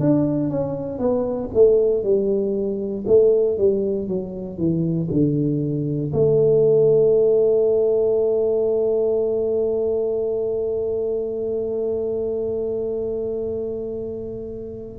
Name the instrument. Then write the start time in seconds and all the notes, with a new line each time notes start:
tuba
0.00 D4
0.49 C#4
0.98 B3
1.53 A3
2.03 G3
3.07 A3
3.57 G3
4.08 F#3
4.58 E3
5.10 D3
6.13 A3